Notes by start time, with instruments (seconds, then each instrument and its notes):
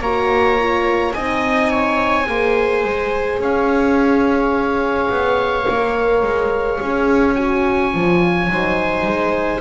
0.00 double bass A#3, horn F#4, viola C#5, oboe A#5
0.58 horn F4
1.13 double bass C4, horn D#4, viola D#5, oboe G#5
1.70 viola C#5
2.25 double bass A#3, horn G#4, viola C5
2.83 double bass G#3
3.39 double bass C#4, viola C#5, oboe F5
5.09 double bass B3
5.67 double bass A#3, horn A#4
6.22 double bass G#3
6.80 double bass C#4, horn G#4
7.34 horn F#4, oboe G#5
7.92 double bass F3, horn F4
8.48 double bass F#3, horn D#4, viola C5
9.05 double bass G#3